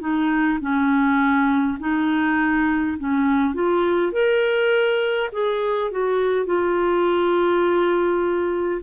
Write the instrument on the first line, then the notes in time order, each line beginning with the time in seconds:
clarinet
0.00 D#4
0.60 C#4
1.79 D#4
2.98 C#4
3.54 F4
4.12 A#4
5.32 G#4
5.91 F#4
6.45 F4